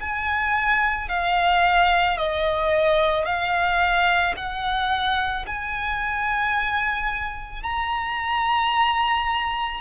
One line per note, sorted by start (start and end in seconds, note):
0.00 1.09 G#5
1.09 2.18 F5
2.18 3.25 D#5
3.25 4.34 F5
4.36 5.45 F#5
5.46 7.63 G#5
7.63 9.81 A#5